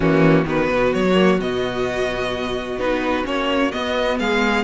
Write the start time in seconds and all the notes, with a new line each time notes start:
0.00 E3 A#3 C#4 F#4
0.45 D#3 B3 F#4 B4
0.70 B2
0.93 F#3 C#5
1.14 A#3
1.39 B2 B3 D#5
2.77 B3 D#4 B4
3.24 A#3 C#4 C#5
3.71 B3 D#5
4.19 G#3 G#4 F5